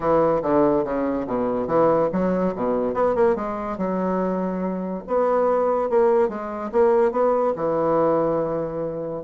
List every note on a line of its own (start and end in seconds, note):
0.00 0.42 E3
0.42 0.84 D3
0.84 1.26 C#3
1.26 1.67 B2
1.67 2.09 E3
2.12 2.54 F#3
2.55 2.94 B2
2.94 3.15 B3
3.15 3.35 A#3
3.35 3.77 G#3
3.77 5.03 F#3
5.07 5.89 B3
5.89 6.28 A#3
6.28 6.70 G#3
6.72 7.11 A#3
7.11 7.53 B3
7.56 9.23 E3